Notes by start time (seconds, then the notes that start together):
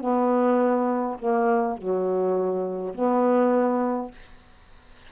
0.00 B3
1.19 A#3
1.77 F#3
2.94 B3